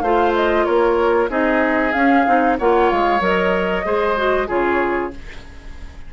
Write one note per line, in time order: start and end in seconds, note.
0.00 0.65 A3
0.00 1.29 F4
0.00 0.66 C5
0.00 0.32 F5
0.35 0.65 D#5
0.65 1.29 A#3
0.65 1.30 A#4
0.65 1.28 C#5
1.29 1.93 C4
1.29 1.93 D#4
1.29 2.57 G#4
1.29 1.92 D#5
1.92 2.25 C#4
1.92 2.27 C#4
1.92 2.56 F5
2.26 2.59 C4
2.26 2.58 D#4
2.58 2.92 A#3
2.58 3.20 F4
2.58 3.85 C#5
2.58 2.90 F#5
2.90 3.20 G#3
2.90 3.22 F5
3.20 3.84 F#3
3.20 3.84 A#4
3.20 4.49 D#5
3.84 4.49 G#3
3.84 4.16 G#4
3.84 4.48 C5
4.17 4.47 F#4
4.47 5.13 C#3
4.47 5.11 F4
4.47 5.11 G#4
4.47 5.13 C#5